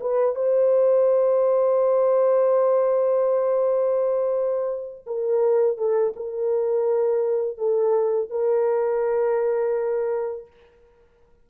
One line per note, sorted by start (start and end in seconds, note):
0.00 0.35 B4
0.35 5.05 C5
5.06 5.77 A#4
5.77 6.13 A4
6.16 7.57 A#4
7.57 8.30 A4
8.30 10.47 A#4